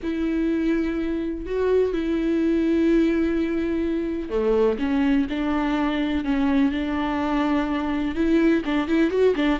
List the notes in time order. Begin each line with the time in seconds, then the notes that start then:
0.02 E4
1.46 F#4
1.93 E4
4.29 A3
4.78 C#4
5.29 D4
6.24 C#4
6.71 D4
8.15 E4
8.65 D4
8.87 E4
9.10 F#4
9.35 D4